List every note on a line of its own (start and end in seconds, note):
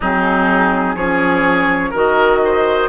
0.00 0.95 F#3
0.00 0.98 C4
0.00 0.95 D#4
0.00 0.96 G#4
0.95 1.92 F3
0.95 1.94 C#4
0.95 1.90 G#4
0.95 1.93 C#5
1.90 2.89 D#3
1.90 2.89 F#4
1.90 2.39 A#4
1.97 2.89 D#5
2.45 2.89 C5